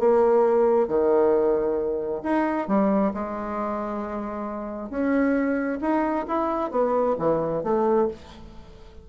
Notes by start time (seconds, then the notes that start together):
0.00 A#3
0.88 D#3
2.23 D#4
2.68 G3
3.14 G#3
4.90 C#4
5.81 D#4
6.28 E4
6.72 B3
7.19 E3
7.64 A3